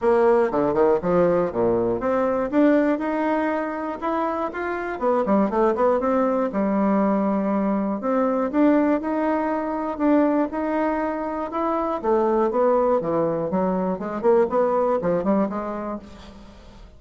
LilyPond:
\new Staff \with { instrumentName = "bassoon" } { \time 4/4 \tempo 4 = 120 ais4 d8 dis8 f4 ais,4 | c'4 d'4 dis'2 | e'4 f'4 b8 g8 a8 b8 | c'4 g2. |
c'4 d'4 dis'2 | d'4 dis'2 e'4 | a4 b4 e4 fis4 | gis8 ais8 b4 f8 g8 gis4 | }